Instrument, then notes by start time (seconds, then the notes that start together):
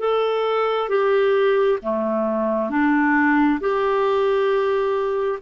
clarinet
0.00 A4
0.90 G4
1.82 A3
2.70 D4
3.60 G4